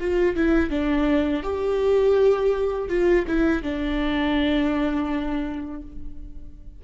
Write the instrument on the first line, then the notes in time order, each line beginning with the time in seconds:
viola
0.00 F4
0.36 E4
0.70 D4
1.43 G4
2.89 F4
3.28 E4
3.63 D4